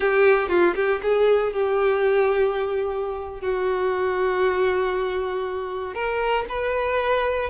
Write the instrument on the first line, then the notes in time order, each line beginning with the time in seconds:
violin
0.00 G4
0.48 F4
0.75 G4
1.02 G#4
1.53 G4
3.40 F#4
5.94 A#4
6.48 B4